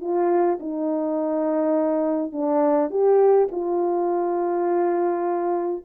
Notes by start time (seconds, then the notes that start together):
0.00 F4
0.59 D#4
2.32 D4
2.90 G4
3.51 F4